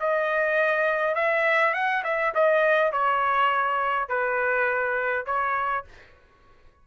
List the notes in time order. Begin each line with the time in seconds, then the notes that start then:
0.00 D#5
1.15 E5
1.74 F#5
2.04 E5
2.35 D#5
2.92 C#5
4.09 B4
5.26 C#5